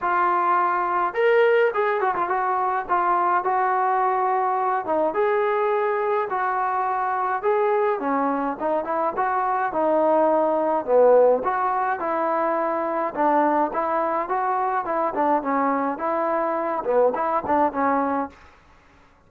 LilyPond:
\new Staff \with { instrumentName = "trombone" } { \time 4/4 \tempo 4 = 105 f'2 ais'4 gis'8 fis'16 f'16 | fis'4 f'4 fis'2~ | fis'8 dis'8 gis'2 fis'4~ | fis'4 gis'4 cis'4 dis'8 e'8 |
fis'4 dis'2 b4 | fis'4 e'2 d'4 | e'4 fis'4 e'8 d'8 cis'4 | e'4. b8 e'8 d'8 cis'4 | }